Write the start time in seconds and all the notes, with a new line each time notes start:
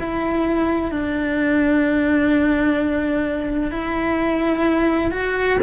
0.00 E4
0.91 D4
3.71 E4
5.11 F#4